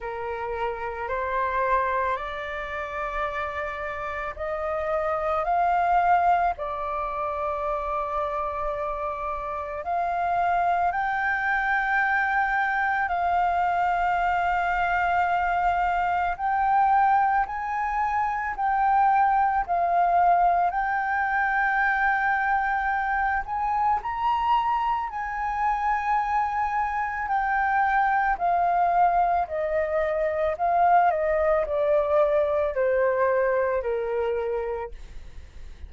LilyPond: \new Staff \with { instrumentName = "flute" } { \time 4/4 \tempo 4 = 55 ais'4 c''4 d''2 | dis''4 f''4 d''2~ | d''4 f''4 g''2 | f''2. g''4 |
gis''4 g''4 f''4 g''4~ | g''4. gis''8 ais''4 gis''4~ | gis''4 g''4 f''4 dis''4 | f''8 dis''8 d''4 c''4 ais'4 | }